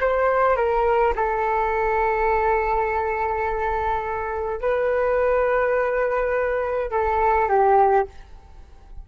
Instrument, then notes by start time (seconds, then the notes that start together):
flute
0.00 C5
0.56 A#4
1.15 A4
4.61 B4
6.91 A4
7.48 G4